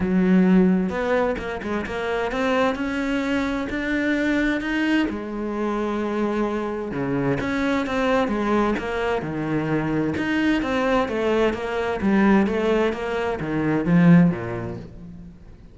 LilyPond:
\new Staff \with { instrumentName = "cello" } { \time 4/4 \tempo 4 = 130 fis2 b4 ais8 gis8 | ais4 c'4 cis'2 | d'2 dis'4 gis4~ | gis2. cis4 |
cis'4 c'4 gis4 ais4 | dis2 dis'4 c'4 | a4 ais4 g4 a4 | ais4 dis4 f4 ais,4 | }